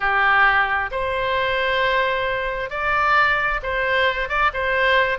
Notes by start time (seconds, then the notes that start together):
0.00 G4
0.91 C5
2.70 D5
3.62 C5
4.28 D5
4.53 C5